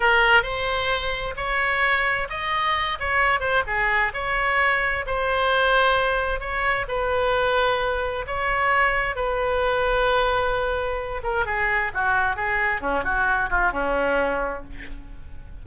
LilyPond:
\new Staff \with { instrumentName = "oboe" } { \time 4/4 \tempo 4 = 131 ais'4 c''2 cis''4~ | cis''4 dis''4. cis''4 c''8 | gis'4 cis''2 c''4~ | c''2 cis''4 b'4~ |
b'2 cis''2 | b'1~ | b'8 ais'8 gis'4 fis'4 gis'4 | cis'8 fis'4 f'8 cis'2 | }